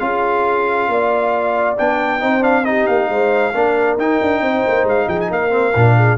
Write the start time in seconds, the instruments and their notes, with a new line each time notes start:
0.00 tuba C#4, trombone F4, horn G#4, trumpet F5
0.89 tuba A#3, horn D5
1.78 tuba B3, trombone D4, trumpet G5
2.21 tuba C4, trombone D#4, horn C5
2.41 trombone D4, trumpet F5
2.66 trombone D#4, horn G4, trumpet D#5
2.87 tuba A#3, trumpet F5
3.09 tuba G#3, horn C5
3.55 tuba A#3, trombone D4, horn A#4
3.97 tuba D#4, trombone D#4, trumpet G5
4.22 tuba D4
4.41 tuba C4, horn C5
4.68 tuba A#3
4.84 tuba G#3, trumpet F5
5.07 tuba F3, horn G#4, trumpet G5
5.20 trumpet G#5
5.30 tuba A#3, horn A#4, trumpet F5
5.50 trombone C4
5.75 tuba A#2, trombone D4
5.97 horn G#4